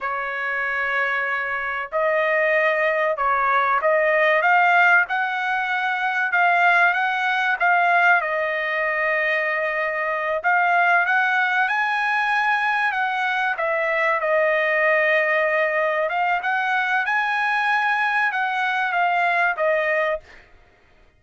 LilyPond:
\new Staff \with { instrumentName = "trumpet" } { \time 4/4 \tempo 4 = 95 cis''2. dis''4~ | dis''4 cis''4 dis''4 f''4 | fis''2 f''4 fis''4 | f''4 dis''2.~ |
dis''8 f''4 fis''4 gis''4.~ | gis''8 fis''4 e''4 dis''4.~ | dis''4. f''8 fis''4 gis''4~ | gis''4 fis''4 f''4 dis''4 | }